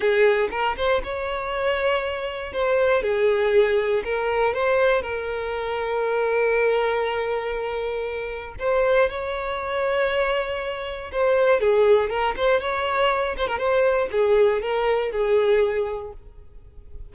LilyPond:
\new Staff \with { instrumentName = "violin" } { \time 4/4 \tempo 4 = 119 gis'4 ais'8 c''8 cis''2~ | cis''4 c''4 gis'2 | ais'4 c''4 ais'2~ | ais'1~ |
ais'4 c''4 cis''2~ | cis''2 c''4 gis'4 | ais'8 c''8 cis''4. c''16 ais'16 c''4 | gis'4 ais'4 gis'2 | }